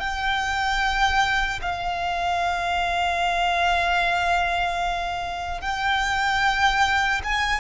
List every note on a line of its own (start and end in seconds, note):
0.00 1.60 G5
1.62 5.61 F5
5.61 7.21 G5
7.24 7.60 G#5